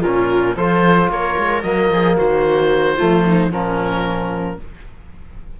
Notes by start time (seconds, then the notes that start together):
0.00 A#2 C#4 F4 A#4
0.56 F3 F4 A4 C5
1.09 A#3 A#4 C#5
1.38 G#3
1.62 F#3 A#3 D#5
1.90 F3 G#4
2.16 D#3 F#4 C5
2.96 F3 A3 F4
3.26 D#4
3.51 A#2 F3 C#4 A#4